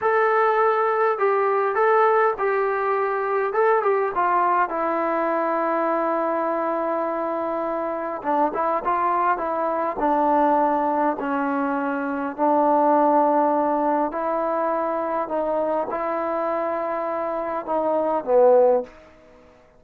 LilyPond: \new Staff \with { instrumentName = "trombone" } { \time 4/4 \tempo 4 = 102 a'2 g'4 a'4 | g'2 a'8 g'8 f'4 | e'1~ | e'2 d'8 e'8 f'4 |
e'4 d'2 cis'4~ | cis'4 d'2. | e'2 dis'4 e'4~ | e'2 dis'4 b4 | }